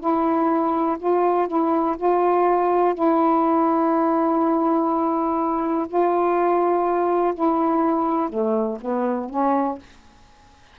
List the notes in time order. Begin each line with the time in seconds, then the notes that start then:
0.00 E4
0.99 F4
1.48 E4
1.98 F4
2.95 E4
5.88 F4
7.35 E4
8.29 A3
8.81 B3
9.30 C#4